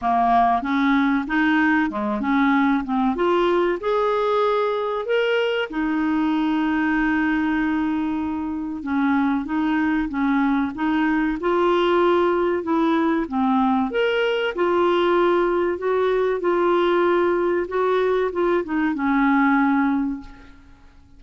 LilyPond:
\new Staff \with { instrumentName = "clarinet" } { \time 4/4 \tempo 4 = 95 ais4 cis'4 dis'4 gis8 cis'8~ | cis'8 c'8 f'4 gis'2 | ais'4 dis'2.~ | dis'2 cis'4 dis'4 |
cis'4 dis'4 f'2 | e'4 c'4 ais'4 f'4~ | f'4 fis'4 f'2 | fis'4 f'8 dis'8 cis'2 | }